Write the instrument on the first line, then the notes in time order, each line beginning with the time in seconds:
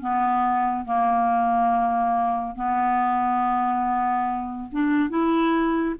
clarinet
0.00 B3
0.85 A#3
2.55 B3
4.71 D4
5.09 E4